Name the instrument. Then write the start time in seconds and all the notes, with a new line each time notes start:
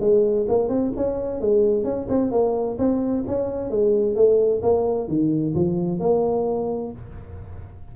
tuba
0.00 G#3
0.48 A#3
0.69 C4
0.97 C#4
1.41 G#3
1.84 C#4
2.09 C4
2.31 A#3
2.78 C4
3.27 C#4
3.70 G#3
4.15 A3
4.62 A#3
5.08 D#3
5.55 F3
6.00 A#3